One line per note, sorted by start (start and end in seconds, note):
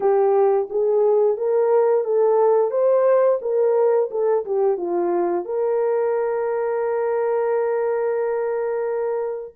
0.00 0.68 G4
0.69 1.37 G#4
1.37 2.04 A#4
2.04 2.71 A4
2.71 3.39 C5
3.41 4.09 A#4
4.10 4.44 A4
4.45 4.77 G4
4.77 5.45 F4
5.45 9.54 A#4